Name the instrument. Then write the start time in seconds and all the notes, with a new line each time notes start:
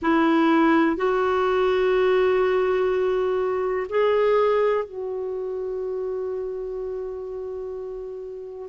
clarinet
0.01 E4
0.96 F#4
3.89 G#4
4.84 F#4